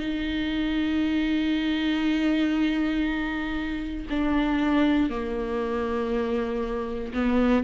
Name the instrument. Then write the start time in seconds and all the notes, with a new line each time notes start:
viola
0.00 D#4
4.10 D4
5.10 A#3
7.14 B3